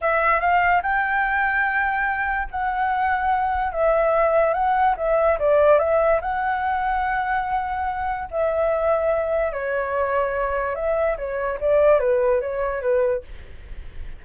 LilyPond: \new Staff \with { instrumentName = "flute" } { \time 4/4 \tempo 4 = 145 e''4 f''4 g''2~ | g''2 fis''2~ | fis''4 e''2 fis''4 | e''4 d''4 e''4 fis''4~ |
fis''1 | e''2. cis''4~ | cis''2 e''4 cis''4 | d''4 b'4 cis''4 b'4 | }